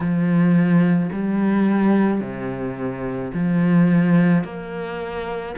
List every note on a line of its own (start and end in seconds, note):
0.00 1.10 F3
1.12 2.20 G3
2.20 3.31 C3
3.33 4.43 F3
4.43 5.55 A#3